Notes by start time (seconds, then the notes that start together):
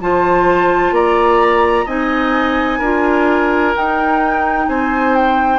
0.00 F3 F4 C5 A5
0.91 A#3 D5 A#5
1.85 C4 D#4 D#5 G#5
2.78 D4 F4 A#4
3.75 D#4 G5
4.68 C4 C5 G#5
5.15 G5